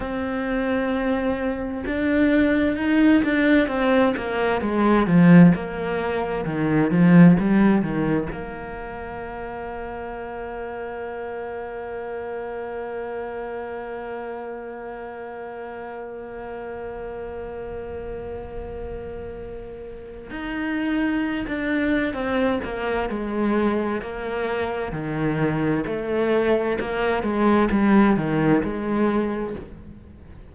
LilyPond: \new Staff \with { instrumentName = "cello" } { \time 4/4 \tempo 4 = 65 c'2 d'4 dis'8 d'8 | c'8 ais8 gis8 f8 ais4 dis8 f8 | g8 dis8 ais2.~ | ais1~ |
ais1~ | ais2 dis'4~ dis'16 d'8. | c'8 ais8 gis4 ais4 dis4 | a4 ais8 gis8 g8 dis8 gis4 | }